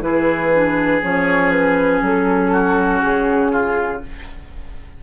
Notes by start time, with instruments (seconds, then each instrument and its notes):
0.00 bassoon E3, clarinet E4, oboe G#4, flute B4
0.54 clarinet D4
1.02 bassoon F3, clarinet C#4, flute C#5
1.50 flute B4
2.01 bassoon F#3, flute A4
2.51 oboe F#4
3.01 bassoon C#3, flute G#4
3.52 oboe F4